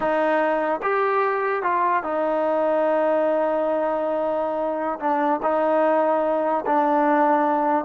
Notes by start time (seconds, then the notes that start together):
0.00 D#4
0.82 G4
1.63 F4
2.03 D#4
4.99 D4
5.42 D#4
6.65 D4